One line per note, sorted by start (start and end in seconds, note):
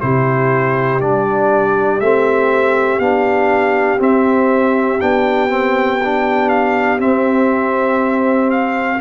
0.00 1.01 C3
0.00 1.01 E4
0.00 9.00 G4
0.00 1.00 C5
1.01 2.00 G3
1.01 2.01 D4
1.01 2.00 D5
2.00 2.99 A3
2.00 3.01 C4
2.00 2.99 E5
2.99 3.99 B3
2.99 3.98 D4
2.99 3.99 F5
3.98 4.98 C4
3.98 5.00 C4
3.98 5.01 E5
5.01 6.99 B3
5.01 5.49 D4
5.01 6.49 G5
5.49 5.99 C4
6.04 6.99 D4
6.49 6.99 F5
6.99 8.99 C4
6.99 8.51 E5
8.51 9.00 F5